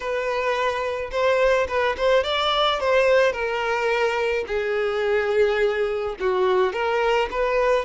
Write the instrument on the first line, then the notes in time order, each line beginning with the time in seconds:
violin
0.00 B4
1.11 C5
1.68 B4
1.97 C5
2.23 D5
2.80 C5
3.32 A#4
4.47 G#4
6.20 F#4
6.72 A#4
7.30 B4